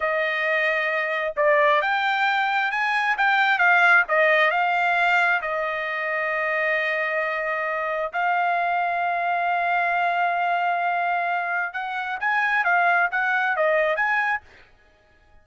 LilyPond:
\new Staff \with { instrumentName = "trumpet" } { \time 4/4 \tempo 4 = 133 dis''2. d''4 | g''2 gis''4 g''4 | f''4 dis''4 f''2 | dis''1~ |
dis''2 f''2~ | f''1~ | f''2 fis''4 gis''4 | f''4 fis''4 dis''4 gis''4 | }